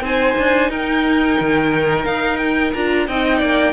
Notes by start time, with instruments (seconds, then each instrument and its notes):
0.00 cello C4, viola D#4, violin C5 G#5
0.37 cello D4
0.70 cello D#4, violin A#4 G5
1.39 cello D#3
2.05 cello D#4, violin F5
2.37 violin G5
2.73 cello D4, viola F4, violin A#5
3.07 cello C4, viola D#4, violin D#5 G5
3.38 cello A#3, violin D5